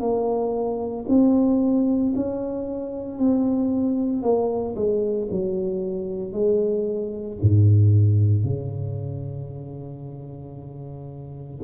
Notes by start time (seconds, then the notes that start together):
0.00 A#3
1.09 C4
2.16 C#4
3.19 C4
4.22 A#3
4.76 G#3
5.31 F#3
6.32 G#3
7.42 G#2
8.44 C#3